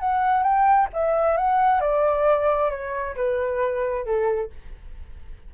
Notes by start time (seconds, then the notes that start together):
0.00 F#5
0.43 G5
0.93 E5
1.37 F#5
1.81 D5
2.71 C#5
3.16 B4
4.05 A4